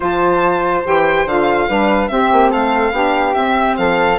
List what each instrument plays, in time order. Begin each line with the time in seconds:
0.00 bassoon F3, saxophone F4, flute C5, violin A5
0.84 bassoon E3, saxophone G4, violin G5
1.25 bassoon D3, saxophone F4, violin F5
1.68 bassoon G3, saxophone D4, flute B4
2.08 saxophone C4, bassoon C4, flute G4, violin E5
2.32 bassoon A#3
2.50 bassoon A3, flute A4, violin F5
2.91 bassoon B3, saxophone D4, flute G4
3.34 saxophone C4, bassoon C4, violin E5
3.76 bassoon F3, flute A4, violin F5